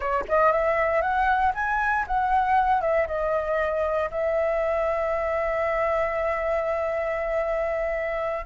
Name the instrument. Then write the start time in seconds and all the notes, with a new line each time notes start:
flute
0.00 C#5
0.28 D#5
0.52 E5
1.01 F#5
1.54 G#5
2.07 F#5
2.81 E5
3.07 D#5
4.10 E5